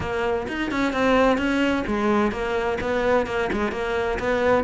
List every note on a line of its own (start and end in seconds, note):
0.00 0.47 A#3
0.48 0.71 D#4
0.71 0.93 C#4
0.93 1.37 C4
1.37 1.84 C#4
1.86 2.31 G#3
2.31 2.78 A#3
2.80 3.26 B3
3.26 3.49 A#3
3.52 3.71 G#3
3.71 4.18 A#3
4.19 4.64 B3